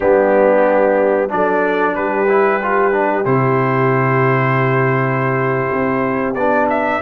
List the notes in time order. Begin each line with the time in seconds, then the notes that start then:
0.00 G3 B3 D4 G4
1.29 F#3 D4 A4 D5
1.95 G3 G4 B4
2.28 E4
2.62 F4
2.92 D4
3.25 C3 E4 C5
5.72 C4
6.34 B3 D4 D5
6.69 E5